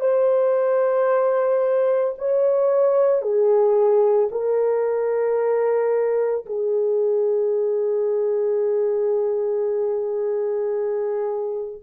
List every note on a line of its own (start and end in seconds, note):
0.00 2.14 C5
2.18 3.22 C#5
3.22 4.29 G#4
4.31 6.46 A#4
6.46 11.81 G#4